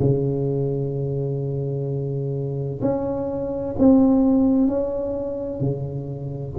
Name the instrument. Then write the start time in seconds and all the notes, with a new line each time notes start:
tuba
0.00 C#3
2.82 C#4
3.79 C4
4.68 C#4
5.61 C#3